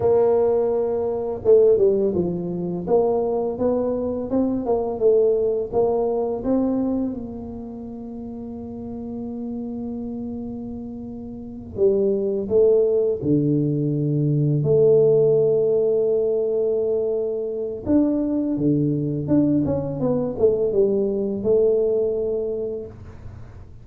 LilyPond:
\new Staff \with { instrumentName = "tuba" } { \time 4/4 \tempo 4 = 84 ais2 a8 g8 f4 | ais4 b4 c'8 ais8 a4 | ais4 c'4 ais2~ | ais1~ |
ais8 g4 a4 d4.~ | d8 a2.~ a8~ | a4 d'4 d4 d'8 cis'8 | b8 a8 g4 a2 | }